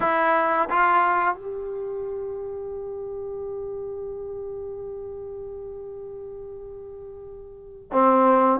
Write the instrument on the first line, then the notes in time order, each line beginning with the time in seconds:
trombone
0.00 E4
0.69 F4
1.35 G4
7.92 C4